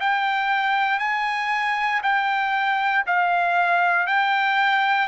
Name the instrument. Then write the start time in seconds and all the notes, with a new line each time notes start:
trumpet
0.00 G5
0.99 G#5
2.03 G5
3.06 F5
4.07 G5